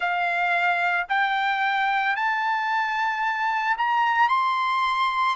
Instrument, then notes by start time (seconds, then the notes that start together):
trumpet
0.00 F5
1.08 G5
2.16 A5
3.77 A#5
4.29 C6